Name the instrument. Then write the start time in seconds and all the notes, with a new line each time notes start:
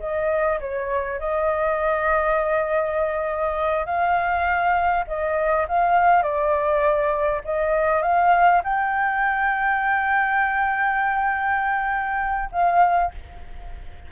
flute
0.00 D#5
0.60 C#5
1.19 D#5
3.86 F5
5.07 D#5
5.68 F5
6.23 D5
7.45 D#5
8.02 F5
8.64 G5
12.52 F5